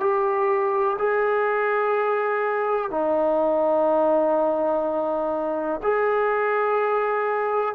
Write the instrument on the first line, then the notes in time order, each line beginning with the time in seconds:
trombone
0.00 G4
0.98 G#4
2.90 D#4
5.82 G#4